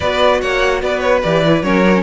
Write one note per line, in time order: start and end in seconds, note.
0.00 0.42 B3
0.00 1.23 F#4
0.00 0.40 B4
0.00 0.41 D5
0.41 0.82 A#3
0.41 0.82 C#5
0.41 0.82 F#5
0.82 1.23 B3
0.82 1.64 B4
0.82 1.00 D5
1.00 1.20 C#5
1.22 1.62 E3
1.22 1.44 G4
1.22 1.62 D5
1.46 1.63 E4
1.62 2.02 F#3
1.62 1.84 C#4
1.62 2.02 A#4
1.62 2.02 C#5
1.84 1.94 D4
1.94 2.02 C#4